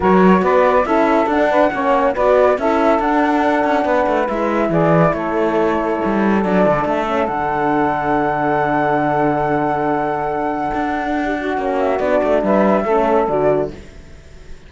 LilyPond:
<<
  \new Staff \with { instrumentName = "flute" } { \time 4/4 \tempo 4 = 140 cis''4 d''4 e''4 fis''4~ | fis''4 d''4 e''4 fis''4~ | fis''2 e''4 d''4 | cis''2. d''4 |
e''4 fis''2.~ | fis''1~ | fis''2.~ fis''8 e''8 | d''4 e''2 d''4 | }
  \new Staff \with { instrumentName = "saxophone" } { \time 4/4 ais'4 b'4 a'4. b'8 | cis''4 b'4 a'2~ | a'4 b'2 gis'4 | a'1~ |
a'1~ | a'1~ | a'2~ a'16 g'16 fis'4.~ | fis'4 b'4 a'2 | }
  \new Staff \with { instrumentName = "horn" } { \time 4/4 fis'2 e'4 d'4 | cis'4 fis'4 e'4 d'4~ | d'2 e'2~ | e'2. d'4~ |
d'8 cis'8 d'2.~ | d'1~ | d'2. cis'4 | d'2 cis'4 fis'4 | }
  \new Staff \with { instrumentName = "cello" } { \time 4/4 fis4 b4 cis'4 d'4 | ais4 b4 cis'4 d'4~ | d'8 cis'8 b8 a8 gis4 e4 | a2 g4 fis8 d8 |
a4 d2.~ | d1~ | d4 d'2 ais4 | b8 a8 g4 a4 d4 | }
>>